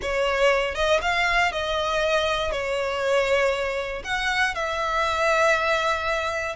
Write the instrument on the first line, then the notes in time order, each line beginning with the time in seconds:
violin
0.01 C#5
0.74 D#5
1.01 F5
1.51 D#5
2.51 C#5
4.04 F#5
4.54 E5